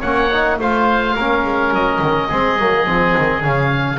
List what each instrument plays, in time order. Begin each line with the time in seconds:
0.00 double bass A#3, trombone C#4, oboe C#5 F#5
0.32 trombone D#4
0.58 double bass A3, trombone F4, oboe C5 F5
1.15 double bass A#3, trombone C#4, oboe A#4
1.44 double bass G#3
1.72 double bass F#3, oboe D#5
2.01 double bass D#3
2.28 double bass G#3, trombone C4, oboe G#4
2.59 double bass F#3, trombone A#3
2.85 double bass F3, trombone C4
3.18 double bass D#3
3.41 double bass C#3, trombone C#4, oboe F5